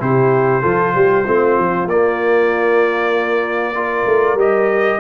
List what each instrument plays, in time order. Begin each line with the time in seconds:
0.00 tuba C3, trombone E4, horn G4, trumpet C5
0.62 tuba F3, trombone F4, horn A4
0.95 tuba G3, horn G4
1.25 tuba A3, trombone C4, horn F4
1.59 tuba F3
1.86 tuba A#3, trombone A#3, trumpet D5
3.76 trombone F4, horn A#4
4.07 tuba A3
4.35 tuba G3, trombone G4, trumpet D#5